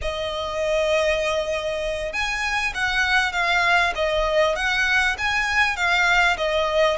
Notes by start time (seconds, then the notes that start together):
0.01 D#5
2.12 G#5
2.74 F#5
3.32 F5
3.95 D#5
4.55 F#5
5.18 G#5
5.76 F5
6.37 D#5